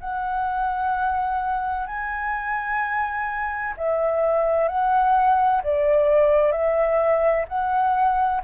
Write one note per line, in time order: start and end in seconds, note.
0.00 1.87 F#5
1.87 3.74 G#5
3.77 4.68 E5
4.68 5.62 F#5
5.64 6.52 D5
6.52 7.46 E5
7.48 8.42 F#5